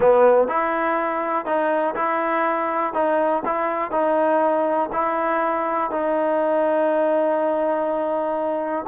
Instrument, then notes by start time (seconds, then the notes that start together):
trombone
0.00 B3
0.47 E4
1.45 D#4
1.95 E4
2.93 D#4
3.45 E4
3.91 D#4
4.92 E4
5.90 D#4